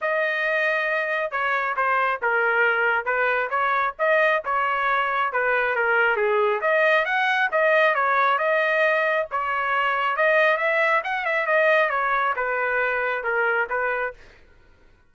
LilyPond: \new Staff \with { instrumentName = "trumpet" } { \time 4/4 \tempo 4 = 136 dis''2. cis''4 | c''4 ais'2 b'4 | cis''4 dis''4 cis''2 | b'4 ais'4 gis'4 dis''4 |
fis''4 dis''4 cis''4 dis''4~ | dis''4 cis''2 dis''4 | e''4 fis''8 e''8 dis''4 cis''4 | b'2 ais'4 b'4 | }